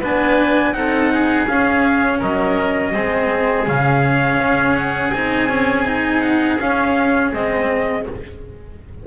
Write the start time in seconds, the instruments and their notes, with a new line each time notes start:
0.00 double bass B3, cello D4, oboe B4, trumpet G#5
0.73 double bass C4, cello D#4, oboe A4, trumpet F#5
1.14 oboe G#4
1.48 double bass C#4, cello C#4, trumpet F5
2.19 double bass F#3, oboe A#4, trumpet D#5
2.93 double bass G#3, cello C4, oboe G#4
3.67 double bass C#3, cello C#4, trumpet F5
4.38 double bass C#4
4.76 trumpet F#5
5.12 double bass C4, cello D#4, trumpet G#5
5.49 cello C#4
5.86 cello D#4
6.21 trumpet F#5
6.60 double bass C#4, cello C#4, trumpet F5
7.33 double bass G#3, cello C4, trumpet D#5